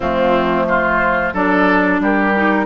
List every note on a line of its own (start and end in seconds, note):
0.00 1.33 F3
0.00 1.34 A3
0.00 0.67 C4
0.00 0.64 F4
0.67 1.33 F4
0.67 1.33 C5
1.33 2.00 F#3
1.33 2.34 D4
1.33 2.00 A4
1.33 2.01 D5
2.00 2.65 G3
2.00 2.65 G4
2.00 2.65 A#4
2.35 2.65 D#4